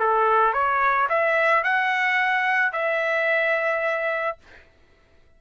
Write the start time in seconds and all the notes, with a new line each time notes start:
0.00 A4
0.54 C#5
1.10 E5
1.64 F#5
2.73 E5